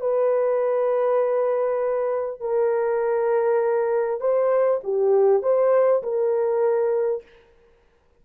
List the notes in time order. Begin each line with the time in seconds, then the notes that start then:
0.00 B4
2.40 A#4
4.20 C5
4.83 G4
5.42 C5
6.02 A#4